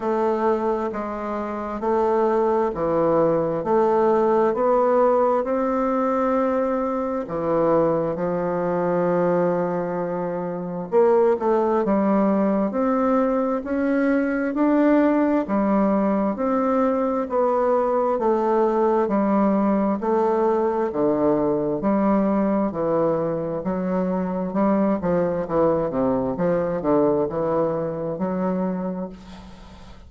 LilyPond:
\new Staff \with { instrumentName = "bassoon" } { \time 4/4 \tempo 4 = 66 a4 gis4 a4 e4 | a4 b4 c'2 | e4 f2. | ais8 a8 g4 c'4 cis'4 |
d'4 g4 c'4 b4 | a4 g4 a4 d4 | g4 e4 fis4 g8 f8 | e8 c8 f8 d8 e4 fis4 | }